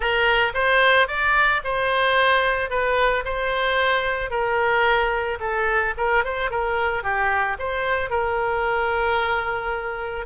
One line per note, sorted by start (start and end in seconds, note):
0.00 0.53 A#4
0.54 1.07 C5
1.07 1.61 D5
1.64 2.70 C5
2.70 3.24 B4
3.25 4.30 C5
4.30 5.38 A#4
5.39 5.93 A4
5.97 6.24 A#4
6.24 6.50 C5
6.50 7.03 A#4
7.03 7.57 G4
7.58 8.10 C5
8.10 10.26 A#4